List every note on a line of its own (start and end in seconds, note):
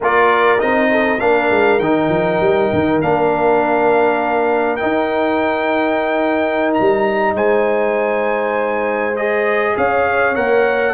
0.00 0.61 A#3
0.00 0.58 F4
0.00 0.90 A#4
0.00 0.60 D5
0.58 1.21 C4
0.58 1.18 D#4
0.58 1.20 D#5
0.90 1.20 A4
1.20 1.50 A#3
1.20 1.80 D4
1.20 7.34 A#4
1.20 1.79 F5
1.50 1.79 G#3
1.79 2.09 D#3
1.79 3.02 D#4
1.79 2.99 G5
2.09 2.39 F3
2.40 2.70 G3
2.73 3.02 D#3
3.01 4.82 A#3
3.01 4.78 D4
3.01 4.76 F5
4.76 9.13 D#4
4.76 6.77 D#4
4.76 6.71 G5
6.73 7.33 A#5
6.80 7.34 G3
7.34 9.74 G#3
7.34 9.74 C5
7.34 9.16 G#5
9.16 10.35 G#4
9.16 9.76 D#5
9.77 10.36 C#4
9.77 10.94 C#5
9.77 10.35 F5
10.35 10.94 A#3
10.35 10.94 A#4
10.35 10.94 F#5